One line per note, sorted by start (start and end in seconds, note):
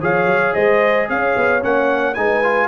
0.00 0.25 F3
0.00 1.61 G#4
0.00 0.54 C#5
0.00 0.54 F5
0.25 0.52 F#3
0.54 1.09 G#3
0.54 1.07 C5
0.54 1.07 D#5
1.09 1.36 C#4
1.09 2.17 C#5
1.09 1.63 F5
1.36 1.62 B3
1.61 2.17 A#3
1.61 2.15 C#4
1.61 2.14 F#5
2.14 2.67 G#3
2.14 2.43 D#4
2.14 2.67 B4
2.14 2.67 G#5
2.43 2.67 F4